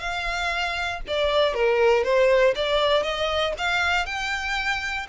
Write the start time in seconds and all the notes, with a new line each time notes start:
0.00 F5
1.07 D5
1.54 A#4
2.04 C5
2.56 D5
3.03 D#5
3.58 F5
4.06 G5